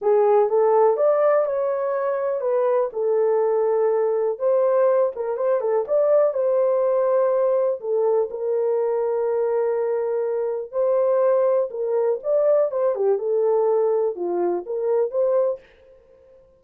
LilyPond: \new Staff \with { instrumentName = "horn" } { \time 4/4 \tempo 4 = 123 gis'4 a'4 d''4 cis''4~ | cis''4 b'4 a'2~ | a'4 c''4. ais'8 c''8 a'8 | d''4 c''2. |
a'4 ais'2.~ | ais'2 c''2 | ais'4 d''4 c''8 g'8 a'4~ | a'4 f'4 ais'4 c''4 | }